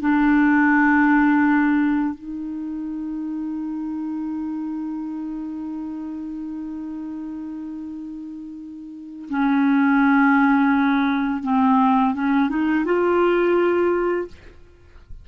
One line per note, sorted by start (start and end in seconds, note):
0.00 2.14 D4
2.14 9.29 D#4
9.30 11.43 C#4
11.43 12.14 C4
12.15 12.49 C#4
12.49 12.85 D#4
12.85 14.28 F4